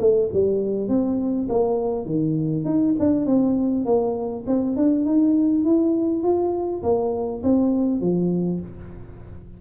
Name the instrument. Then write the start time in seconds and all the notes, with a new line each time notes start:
tuba
0.00 A3
0.33 G3
0.89 C4
1.49 A#3
2.06 D#3
2.65 D#4
2.99 D4
3.26 C4
3.86 A#3
4.47 C4
4.77 D4
5.05 D#4
5.65 E4
6.23 F4
6.83 A#3
7.44 C4
8.01 F3